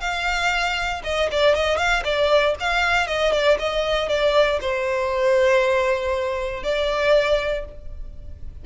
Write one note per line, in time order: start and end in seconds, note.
0.00 1.02 F5
1.04 1.29 D#5
1.32 1.55 D5
1.55 1.78 D#5
1.78 2.03 F5
2.04 2.55 D5
2.60 3.07 F5
3.07 3.32 D#5
3.32 3.58 D5
3.59 4.09 D#5
4.09 4.59 D5
4.61 6.63 C5
6.63 7.65 D5